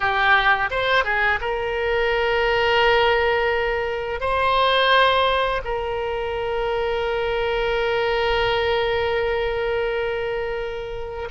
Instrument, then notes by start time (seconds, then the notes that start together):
oboe
0.00 G4
0.70 C5
1.04 G#4
1.41 A#4
4.20 C5
5.64 A#4